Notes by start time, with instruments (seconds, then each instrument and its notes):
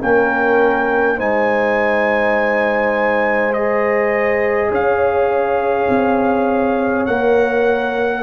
0.00 tuba A#3, trombone C#4, horn A#4, trumpet G5
1.16 tuba G#3, trombone D#4, horn C5, trumpet G#5
3.53 trombone G#4, trumpet D#5
4.70 tuba C#4, horn C#5, trumpet F5
5.89 tuba C4
7.06 tuba A#3, trombone A#4, trumpet F#5